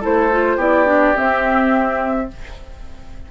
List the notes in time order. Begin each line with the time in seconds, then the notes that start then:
0.00 A3 E4 A4 C5
0.31 F4
0.56 B3 E4 G4 D5
0.86 D4
1.15 C4 E5